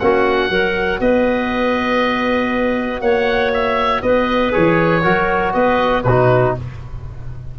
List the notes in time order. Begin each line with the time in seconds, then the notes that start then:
0.00 A#3 C#4 F#4 F#5
0.50 F#3 F#4 A#4
1.01 B3 B4 D#5
3.01 A#3 C#5 F#5
3.54 E5
4.02 B3 B4 D#5
4.51 E3 G#4 C#5
5.02 F#3 F#4 A#4
5.53 B3 B4 D#5
6.04 B2 D#4 F#4 B4